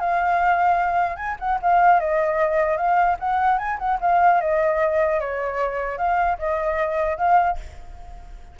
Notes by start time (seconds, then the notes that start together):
0.00 F5
1.17 G#5
1.40 F#5
1.62 F5
2.00 D#5
2.78 F5
3.20 F#5
3.59 G#5
3.79 F#5
4.01 F5
4.41 D#5
5.21 C#5
5.98 F5
6.39 D#5
7.18 F5